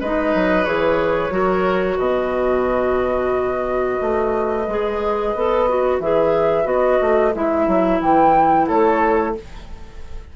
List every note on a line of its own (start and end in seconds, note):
0.00 0.34 G#3
0.00 0.65 D#4
0.00 1.33 B4
0.00 0.64 D#5
0.34 0.66 F#3
0.64 1.30 E3
0.64 1.30 G#4
0.64 1.98 C#5
1.30 1.97 F#3
1.30 4.64 F#4
1.30 1.97 A#4
1.97 3.98 B2
1.97 8.63 B4
1.97 5.98 D#5
4.01 4.68 A3
4.68 5.34 G#3
4.68 5.36 G#4
5.35 5.99 B3
5.35 5.69 A4
5.69 6.02 F#4
5.99 6.65 E3
5.99 6.64 G#4
5.99 6.66 E5
6.64 6.98 B3
6.64 7.31 F#4
6.64 7.33 D#5
7.01 7.34 A3
7.34 7.67 G#3
7.34 9.35 E4
7.34 8.01 E5
7.67 8.00 F#3
8.01 8.67 E3
8.01 8.68 G5
8.67 9.36 A3
8.67 9.34 A4
8.67 9.35 C#5